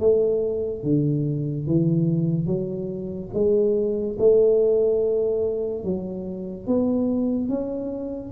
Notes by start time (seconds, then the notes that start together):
0.00 A3
0.83 D3
1.67 E3
2.47 F#3
3.34 G#3
4.19 A3
5.84 F#3
6.67 B3
7.49 C#4